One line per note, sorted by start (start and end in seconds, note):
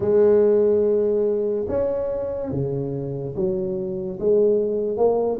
0.00 1.66 G#3
1.68 2.51 C#4
2.51 3.34 C#3
3.35 4.19 F#3
4.19 4.97 G#3
4.97 5.39 A#3